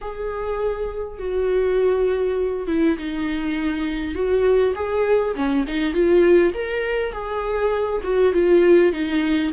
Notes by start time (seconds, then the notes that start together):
0.01 G#4
1.19 F#4
2.67 E4
2.98 D#4
4.14 F#4
4.75 G#4
5.35 C#4
5.67 D#4
5.93 F4
6.53 A#4
7.12 G#4
8.03 F#4
8.33 F4
8.92 D#4